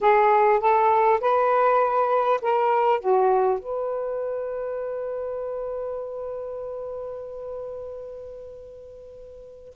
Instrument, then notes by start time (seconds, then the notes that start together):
saxophone
0.01 G#4
0.60 A4
1.20 B4
2.41 A#4
3.00 F#4
3.59 B4